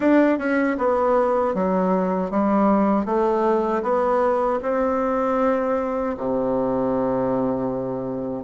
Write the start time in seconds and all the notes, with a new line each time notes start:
0.00 D4
0.38 C#4
0.78 B3
1.54 F#3
2.30 G3
3.05 A3
3.83 B3
4.62 C4
6.17 C3